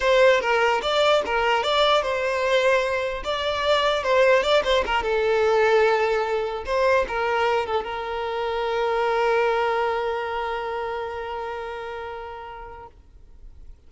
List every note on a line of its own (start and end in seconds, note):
0.00 0.40 C5
0.40 0.81 A#4
0.82 1.22 D5
1.25 1.63 A#4
1.63 2.02 D5
2.02 3.23 C5
3.23 4.03 D5
4.03 4.42 C5
4.42 4.63 D5
4.63 4.84 C5
4.86 5.02 A#4
5.02 6.64 A4
6.65 7.05 C5
7.08 7.66 A#4
7.66 7.84 A4
7.84 12.87 A#4